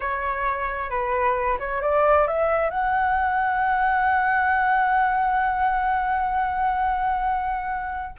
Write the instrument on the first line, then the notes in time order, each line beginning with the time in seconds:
flute
0.00 C#5
0.90 B4
1.59 C#5
1.81 D5
2.27 E5
2.70 F#5